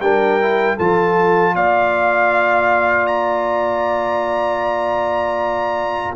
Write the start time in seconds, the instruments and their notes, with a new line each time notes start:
0.00 tuba G3, trombone D4, horn A#4, trumpet G5
0.41 trombone E4
0.76 tuba F3, trombone F4, horn A4, trumpet A5
1.54 tuba A#3, horn D5, trumpet F5
3.06 trumpet A#5